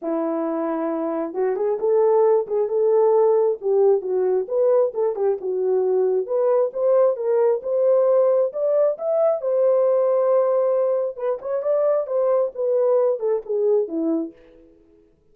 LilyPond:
\new Staff \with { instrumentName = "horn" } { \time 4/4 \tempo 4 = 134 e'2. fis'8 gis'8 | a'4. gis'8 a'2 | g'4 fis'4 b'4 a'8 g'8 | fis'2 b'4 c''4 |
ais'4 c''2 d''4 | e''4 c''2.~ | c''4 b'8 cis''8 d''4 c''4 | b'4. a'8 gis'4 e'4 | }